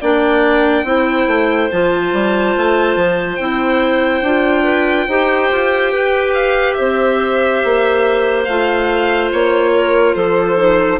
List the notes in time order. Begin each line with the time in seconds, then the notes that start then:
0.00 A#3 D4 D5 G5
0.83 C4 E4 C5
1.27 A3
1.71 F3 F4 A5
2.13 G3
2.56 A3
2.95 F3
3.35 C4 E4 G5
4.22 D4 F4
4.63 B4
5.07 D#4 G4 C5
5.51 F4
5.92 G4 B4
6.33 F5
6.73 C4 C5 E5
7.64 A#3
8.44 A3 F4 F5
9.32 A#3 C#5
9.73 A#4
10.15 F3 A4 C5
10.57 D#4